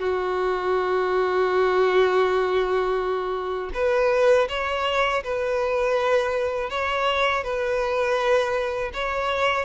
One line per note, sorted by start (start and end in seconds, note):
0.00 3.70 F#4
3.74 4.48 B4
4.49 5.24 C#5
5.24 6.70 B4
6.70 7.44 C#5
7.44 8.92 B4
8.94 9.66 C#5